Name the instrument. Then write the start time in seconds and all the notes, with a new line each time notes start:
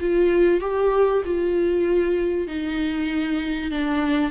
viola
0.00 F4
0.60 G4
1.25 F4
2.47 D#4
3.71 D4